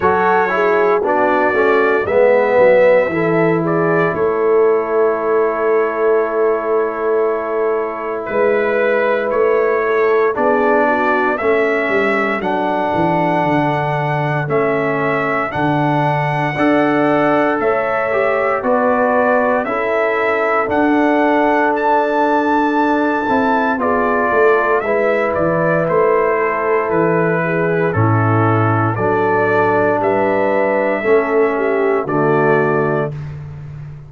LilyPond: <<
  \new Staff \with { instrumentName = "trumpet" } { \time 4/4 \tempo 4 = 58 cis''4 d''4 e''4. d''8 | cis''1 | b'4 cis''4 d''4 e''4 | fis''2 e''4 fis''4~ |
fis''4 e''4 d''4 e''4 | fis''4 a''2 d''4 | e''8 d''8 c''4 b'4 a'4 | d''4 e''2 d''4 | }
  \new Staff \with { instrumentName = "horn" } { \time 4/4 a'8 gis'8 fis'4 b'4 a'8 gis'8 | a'1 | b'4. a'8 gis'8 fis'8 a'4~ | a'1 |
d''4 cis''4 b'4 a'4~ | a'2. gis'8 a'8 | b'4. a'4 gis'8 e'4 | a'4 b'4 a'8 g'8 fis'4 | }
  \new Staff \with { instrumentName = "trombone" } { \time 4/4 fis'8 e'8 d'8 cis'8 b4 e'4~ | e'1~ | e'2 d'4 cis'4 | d'2 cis'4 d'4 |
a'4. g'8 fis'4 e'4 | d'2~ d'8 e'8 f'4 | e'2. cis'4 | d'2 cis'4 a4 | }
  \new Staff \with { instrumentName = "tuba" } { \time 4/4 fis4 b8 a8 gis8 fis8 e4 | a1 | gis4 a4 b4 a8 g8 | fis8 e8 d4 a4 d4 |
d'4 a4 b4 cis'4 | d'2~ d'8 c'8 b8 a8 | gis8 e8 a4 e4 a,4 | fis4 g4 a4 d4 | }
>>